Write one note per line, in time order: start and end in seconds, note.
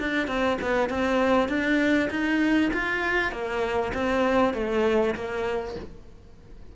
0.00 0.28 D4
0.28 0.58 C4
0.62 0.90 B3
0.90 1.49 C4
1.49 2.10 D4
2.10 2.71 D#4
2.74 3.32 F4
3.32 3.93 A#3
3.94 4.54 C4
4.54 5.15 A3
5.15 5.76 A#3